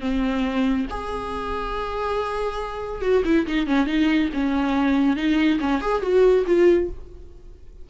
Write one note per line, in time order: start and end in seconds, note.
0.00 0.86 C4
0.90 3.01 G#4
3.01 3.23 F#4
3.24 3.46 E4
3.47 3.67 D#4
3.67 3.86 C#4
3.86 4.29 D#4
4.33 5.16 C#4
5.16 5.59 D#4
5.60 5.81 C#4
5.81 6.02 G#4
6.02 6.45 F#4
6.46 6.89 F4